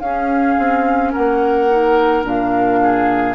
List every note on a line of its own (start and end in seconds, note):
0.00 0.56 C#4
0.00 1.69 C#4
0.00 1.12 G#4
0.00 1.11 F5
0.58 1.13 C4
1.12 2.24 A#3
1.12 2.79 A#4
1.12 2.24 F#5
1.69 2.23 D#4
2.23 3.35 A#2
2.23 3.34 D4
2.23 3.35 F5
2.83 3.35 G#4